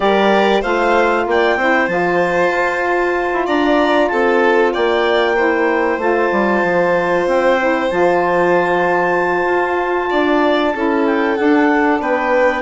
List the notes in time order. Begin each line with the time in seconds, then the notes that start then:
0.00 G3 G4 A#4 D5
0.61 A3 F4 C5 F5
1.26 A#3 D5 G5
1.56 C4 E4 C5
1.87 F3 F4 A5
2.50 F4
3.33 E4
3.46 D4 D5 A#5
4.07 C4 A4 A5
4.73 A#3 D5 G5
5.35 E4 C5
5.97 A3 F4 A5
6.31 G3
6.63 F3
7.26 C4 G5
7.59 E4
7.90 F3 F4 A5
9.45 F4
10.09 D4 D5
10.73 C#4 E4 A4
11.06 G5
11.36 D4 F#5
11.99 B3 B4 G5